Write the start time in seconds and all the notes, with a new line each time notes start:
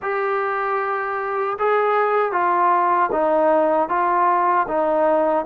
0.01 G4
1.58 G#4
2.32 F4
3.12 D#4
3.89 F4
4.68 D#4